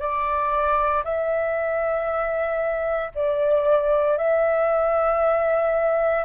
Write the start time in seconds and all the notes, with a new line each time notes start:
0.00 D5
1.04 E5
3.15 D5
4.18 E5